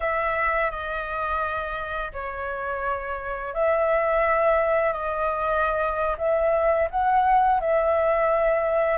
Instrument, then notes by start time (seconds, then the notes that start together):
flute
0.00 E5
0.71 D#5
2.12 C#5
3.54 E5
4.93 D#5
6.18 E5
6.90 F#5
7.60 E5